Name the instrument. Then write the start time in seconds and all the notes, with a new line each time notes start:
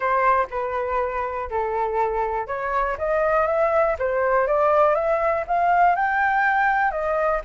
flute
0.00 C5
0.50 B4
1.50 A4
2.47 C#5
2.98 D#5
3.46 E5
3.98 C5
4.47 D5
4.94 E5
5.47 F5
5.95 G5
6.91 D#5